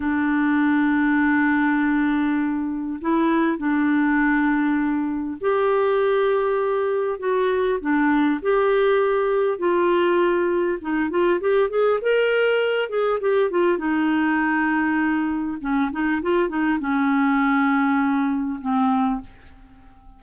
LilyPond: \new Staff \with { instrumentName = "clarinet" } { \time 4/4 \tempo 4 = 100 d'1~ | d'4 e'4 d'2~ | d'4 g'2. | fis'4 d'4 g'2 |
f'2 dis'8 f'8 g'8 gis'8 | ais'4. gis'8 g'8 f'8 dis'4~ | dis'2 cis'8 dis'8 f'8 dis'8 | cis'2. c'4 | }